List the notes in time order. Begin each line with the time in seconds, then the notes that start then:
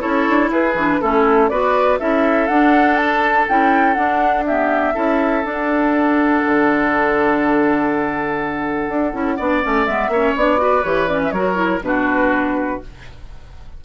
0.00 C#4 E4 A4 C#5
0.29 D4
0.50 E4 G#4 B4
0.74 E3 D4
1.01 A3 C#4 E4 A4
1.49 B3 F#4 B4 D5
1.99 C#4 E4 A4 E5
2.47 D4 F#5
2.97 A5
3.49 C#4 E4 G5
3.94 D4 F#5
4.46 B3 G4 E5
4.94 C#4 E4 A4
5.44 D4 F#5
6.45 D3
8.89 D4
9.13 C#4 E4
9.37 B3 D4 D5
9.62 A3 C#4
9.85 G#3 B3 E5
10.08 A#3 C#5
10.15 C#4
10.36 B3 D4 D5
10.57 F#4 B4
10.84 E3 G4 C#5
11.08 C#4 D5
11.23 E5
11.31 F#3 F#4 A#4 C#5
11.55 E4
11.81 B2 D4 F#4 B4